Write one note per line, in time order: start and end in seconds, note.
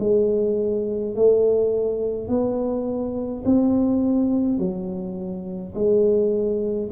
0.00 1.15 G#3
1.16 2.29 A3
2.29 3.44 B3
3.46 4.59 C4
4.59 5.74 F#3
5.75 6.91 G#3